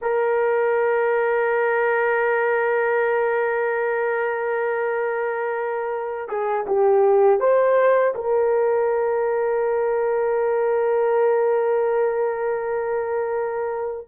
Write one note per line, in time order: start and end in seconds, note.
0.01 6.28 A#4
6.28 6.65 G#4
6.67 7.40 G4
7.40 8.14 C5
8.14 14.07 A#4